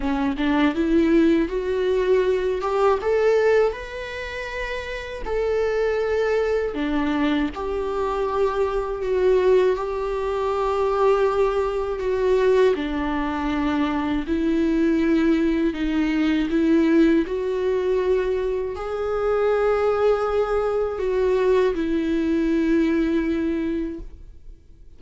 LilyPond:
\new Staff \with { instrumentName = "viola" } { \time 4/4 \tempo 4 = 80 cis'8 d'8 e'4 fis'4. g'8 | a'4 b'2 a'4~ | a'4 d'4 g'2 | fis'4 g'2. |
fis'4 d'2 e'4~ | e'4 dis'4 e'4 fis'4~ | fis'4 gis'2. | fis'4 e'2. | }